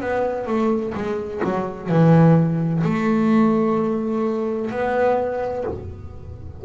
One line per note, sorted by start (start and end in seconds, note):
0.00 0.46 B3
0.46 0.93 A3
0.94 1.41 G#3
1.44 1.89 F#3
1.89 2.83 E3
2.83 4.70 A3
4.70 5.64 B3